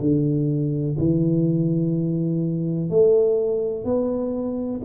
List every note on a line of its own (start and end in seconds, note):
0.00 0.97 D3
0.99 2.90 E3
2.90 3.84 A3
3.84 4.81 B3